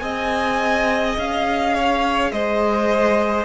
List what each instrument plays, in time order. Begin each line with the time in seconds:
0.00 cello C4, viola G#4, violin D#5 G#5
1.18 cello C#4, violin F5
1.74 violin C#5
2.31 cello G#3, violin C5 D#5